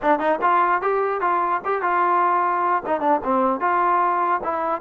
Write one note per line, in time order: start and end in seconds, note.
0.01 0.19 D4
0.19 0.39 D#4
0.41 0.81 F4
0.81 1.21 G4
1.21 1.61 F4
1.64 1.82 G4
1.82 2.82 F4
2.86 3.00 D#4
3.00 3.20 D4
3.24 3.60 C4
3.60 4.40 F4
4.43 4.81 E4